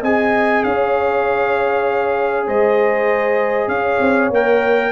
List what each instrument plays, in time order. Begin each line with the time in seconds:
0.00 tuba C4, trombone G#4, horn D#5, trumpet G#5
0.64 tuba C#4, horn C#5, trumpet F5
2.46 tuba G#3, horn C5, trumpet D#5
3.68 tuba C#4, horn C#5, trumpet F5
4.01 tuba C4
4.30 tuba A#3, trombone A#4, trumpet G5